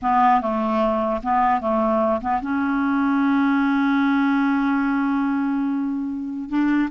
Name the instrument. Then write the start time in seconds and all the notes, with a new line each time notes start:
clarinet
0.01 B3
0.41 A3
1.22 B3
1.60 A3
2.21 B3
2.41 C#4
6.49 D4